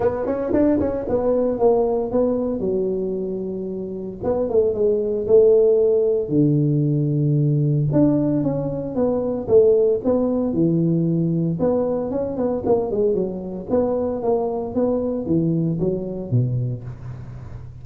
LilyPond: \new Staff \with { instrumentName = "tuba" } { \time 4/4 \tempo 4 = 114 b8 cis'8 d'8 cis'8 b4 ais4 | b4 fis2. | b8 a8 gis4 a2 | d2. d'4 |
cis'4 b4 a4 b4 | e2 b4 cis'8 b8 | ais8 gis8 fis4 b4 ais4 | b4 e4 fis4 b,4 | }